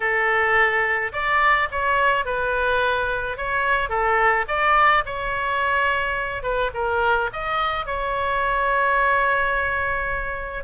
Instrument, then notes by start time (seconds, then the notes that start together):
oboe
0.00 A4
1.12 D5
1.71 C#5
2.25 B4
3.37 C#5
3.89 A4
4.48 D5
5.05 C#5
6.42 B4
6.74 A#4
7.32 D#5
7.86 C#5